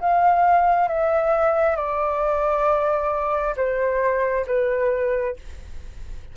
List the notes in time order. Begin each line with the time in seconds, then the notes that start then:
0.00 F5
0.88 E5
1.76 D5
3.56 C5
4.47 B4